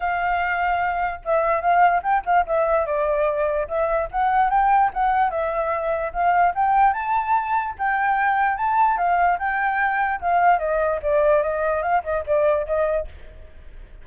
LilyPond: \new Staff \with { instrumentName = "flute" } { \time 4/4 \tempo 4 = 147 f''2. e''4 | f''4 g''8 f''8 e''4 d''4~ | d''4 e''4 fis''4 g''4 | fis''4 e''2 f''4 |
g''4 a''2 g''4~ | g''4 a''4 f''4 g''4~ | g''4 f''4 dis''4 d''4 | dis''4 f''8 dis''8 d''4 dis''4 | }